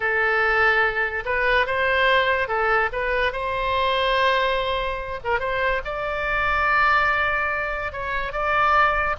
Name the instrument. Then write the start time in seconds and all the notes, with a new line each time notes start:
oboe
0.00 A4
1.25 B4
1.66 C5
2.48 A4
2.92 B4
3.32 C5
5.24 A#4
5.39 C5
5.84 D5
7.92 C#5
8.32 D5